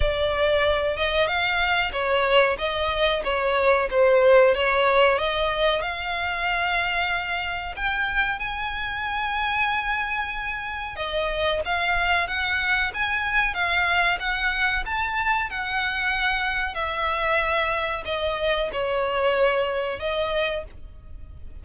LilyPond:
\new Staff \with { instrumentName = "violin" } { \time 4/4 \tempo 4 = 93 d''4. dis''8 f''4 cis''4 | dis''4 cis''4 c''4 cis''4 | dis''4 f''2. | g''4 gis''2.~ |
gis''4 dis''4 f''4 fis''4 | gis''4 f''4 fis''4 a''4 | fis''2 e''2 | dis''4 cis''2 dis''4 | }